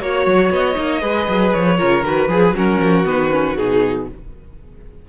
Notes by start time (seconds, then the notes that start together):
0.00 A#3 F#4 C#5
0.26 F#3
0.50 B3 D#5
0.75 A#3 D#4
1.00 G#3 G#4 B4
1.28 F#3
1.53 F3 C#5
1.77 C#3 F4 A#4
2.03 D#3 F#4 B4
2.28 F3 G#4
2.52 F#3 C#4 F#4 A#4
2.79 F3
3.04 D#3 B3 B4
3.30 C#4
3.56 B2 D#4 G#4